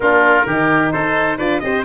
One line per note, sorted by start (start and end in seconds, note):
0.00 0.45 A#3
0.00 0.47 D4
0.00 0.46 F4
0.00 0.91 A#4
0.46 0.92 D#3
0.46 1.39 D#4
0.46 0.92 G4
0.91 1.38 D#4
0.91 1.37 A4
0.91 1.37 C5
1.37 1.61 D4
1.37 1.62 F4
1.37 1.60 B4
1.37 1.59 D5
1.59 1.85 C4
1.59 1.85 G4
1.59 1.85 C5
1.59 1.82 D#5